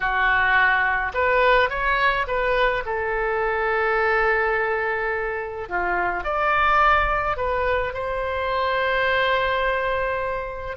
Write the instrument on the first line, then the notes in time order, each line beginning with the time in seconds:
oboe
0.00 F#4
1.14 B4
1.69 C#5
2.27 B4
2.85 A4
5.68 F4
6.24 D5
7.37 B4
7.93 C5